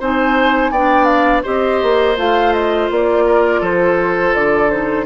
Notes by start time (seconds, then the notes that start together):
0.00 C4 D#4 C5 G#5
0.71 B3 D4 D5 G5
1.05 F5
1.43 C4 G4 C5 D#5
1.83 A#3
2.17 A3 F4 F5
2.53 D#5
2.90 A#3 D5
3.26 A#4
3.61 F3 A4 C5
4.34 D3 D5
4.70 D#4 C5